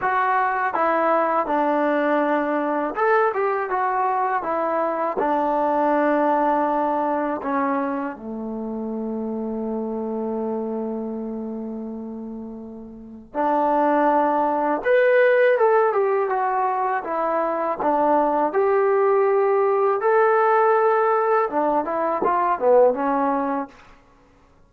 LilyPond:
\new Staff \with { instrumentName = "trombone" } { \time 4/4 \tempo 4 = 81 fis'4 e'4 d'2 | a'8 g'8 fis'4 e'4 d'4~ | d'2 cis'4 a4~ | a1~ |
a2 d'2 | b'4 a'8 g'8 fis'4 e'4 | d'4 g'2 a'4~ | a'4 d'8 e'8 f'8 b8 cis'4 | }